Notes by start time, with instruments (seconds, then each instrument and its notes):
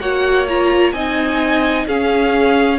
0.00 cello A#3, viola F#4, violin C#5 F#5
0.48 viola F4, violin A#5
0.92 cello C4, viola D#4, violin D#5 G#5
1.88 cello C#4, viola C#4, violin G#4 F5